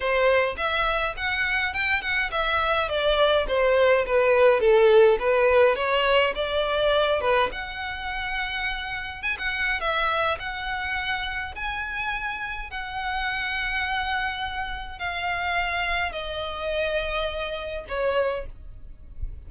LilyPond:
\new Staff \with { instrumentName = "violin" } { \time 4/4 \tempo 4 = 104 c''4 e''4 fis''4 g''8 fis''8 | e''4 d''4 c''4 b'4 | a'4 b'4 cis''4 d''4~ | d''8 b'8 fis''2. |
gis''16 fis''8. e''4 fis''2 | gis''2 fis''2~ | fis''2 f''2 | dis''2. cis''4 | }